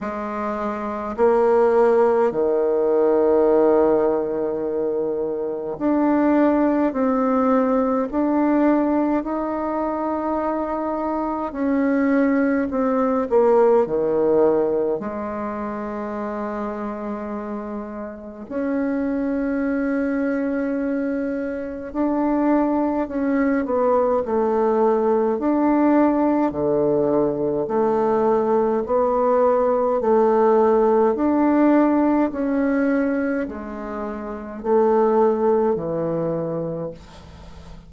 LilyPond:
\new Staff \with { instrumentName = "bassoon" } { \time 4/4 \tempo 4 = 52 gis4 ais4 dis2~ | dis4 d'4 c'4 d'4 | dis'2 cis'4 c'8 ais8 | dis4 gis2. |
cis'2. d'4 | cis'8 b8 a4 d'4 d4 | a4 b4 a4 d'4 | cis'4 gis4 a4 e4 | }